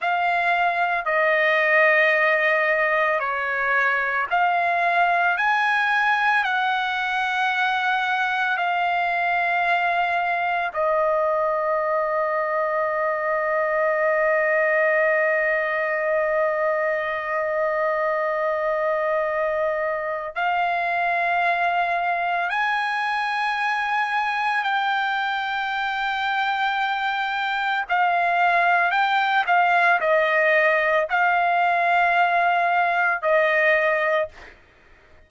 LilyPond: \new Staff \with { instrumentName = "trumpet" } { \time 4/4 \tempo 4 = 56 f''4 dis''2 cis''4 | f''4 gis''4 fis''2 | f''2 dis''2~ | dis''1~ |
dis''2. f''4~ | f''4 gis''2 g''4~ | g''2 f''4 g''8 f''8 | dis''4 f''2 dis''4 | }